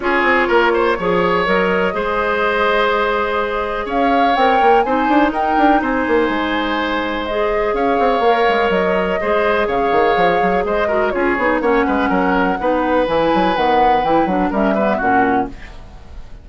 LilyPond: <<
  \new Staff \with { instrumentName = "flute" } { \time 4/4 \tempo 4 = 124 cis''2. dis''4~ | dis''1 | f''4 g''4 gis''4 g''4 | gis''2. dis''4 |
f''2 dis''2 | f''2 dis''4 cis''4 | fis''2. gis''4 | fis''4 g''8 fis''8 e''4 fis''4 | }
  \new Staff \with { instrumentName = "oboe" } { \time 4/4 gis'4 ais'8 c''8 cis''2 | c''1 | cis''2 c''4 ais'4 | c''1 |
cis''2. c''4 | cis''2 c''8 ais'8 gis'4 | cis''8 b'8 ais'4 b'2~ | b'2 ais'8 b'8 fis'4 | }
  \new Staff \with { instrumentName = "clarinet" } { \time 4/4 f'2 gis'4 ais'4 | gis'1~ | gis'4 ais'4 dis'2~ | dis'2. gis'4~ |
gis'4 ais'2 gis'4~ | gis'2~ gis'8 fis'8 f'8 dis'8 | cis'2 dis'4 e'4 | b4 e'8 d'8 cis'8 b8 cis'4 | }
  \new Staff \with { instrumentName = "bassoon" } { \time 4/4 cis'8 c'8 ais4 f4 fis4 | gis1 | cis'4 c'8 ais8 c'8 d'8 dis'8 d'8 | c'8 ais8 gis2. |
cis'8 c'8 ais8 gis8 fis4 gis4 | cis8 dis8 f8 fis8 gis4 cis'8 b8 | ais8 gis8 fis4 b4 e8 fis8 | dis4 e8 fis8 g4 ais,4 | }
>>